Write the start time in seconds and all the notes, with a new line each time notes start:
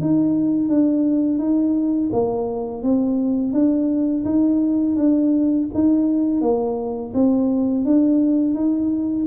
0.00 D#4
0.68 D4
1.38 D#4
2.12 A#3
2.82 C4
3.53 D4
4.24 D#4
4.96 D4
5.73 D#4
6.41 A#3
7.14 C4
7.84 D4
8.54 D#4